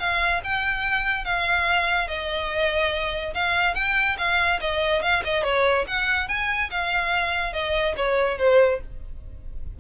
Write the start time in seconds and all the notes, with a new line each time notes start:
0.00 F5
0.44 G5
1.25 F5
2.08 D#5
3.35 F5
3.75 G5
4.18 F5
4.61 D#5
5.03 F5
5.25 D#5
5.44 C#5
5.88 F#5
6.29 G#5
6.71 F5
7.54 D#5
7.97 C#5
8.39 C5